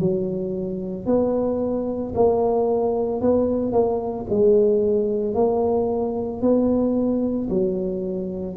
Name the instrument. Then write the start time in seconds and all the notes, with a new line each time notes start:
tuba
0.00 F#3
1.06 B3
2.15 A#3
3.21 B3
3.73 A#3
4.30 G#3
5.35 A#3
6.42 B3
7.50 F#3